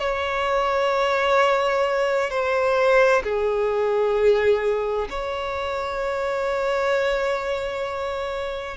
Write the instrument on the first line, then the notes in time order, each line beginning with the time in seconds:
violin
0.00 C#5
2.30 C5
3.23 G#4
5.10 C#5